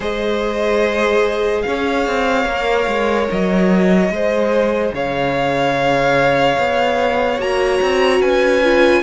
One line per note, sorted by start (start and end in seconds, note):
0.00 1.64 G#3
0.00 2.45 G#4
0.00 1.63 C5
0.00 1.62 D#5
1.62 2.06 C#4
1.62 4.13 C#5
1.62 3.26 F5
2.06 2.45 C4
2.45 2.86 A#3
2.45 4.11 A#4
2.87 3.28 G#3
3.31 4.09 F#3
3.31 4.94 D#5
4.09 4.91 G#3
4.09 7.39 G#4
4.09 4.94 C5
4.93 6.57 C#3
4.93 8.20 C#5
4.93 7.40 F5
6.58 7.38 B3
7.38 7.79 A#3
7.38 8.62 F#4
7.38 8.21 A#5
7.82 8.20 C4
8.20 9.02 C#4
8.20 9.02 B4
8.20 9.03 G#5
8.63 9.03 F4